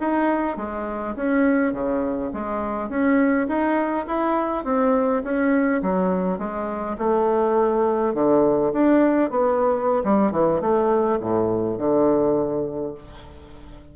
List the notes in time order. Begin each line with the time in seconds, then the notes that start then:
0.00 D#4
0.57 G#3
1.16 C#4
1.73 C#3
2.34 G#3
2.89 C#4
3.48 D#4
4.07 E4
4.65 C4
5.24 C#4
5.83 F#3
6.39 G#3
6.98 A3
8.14 D3
8.73 D4
9.31 B3
10.05 G3
10.32 E3
10.61 A3
11.21 A2
11.78 D3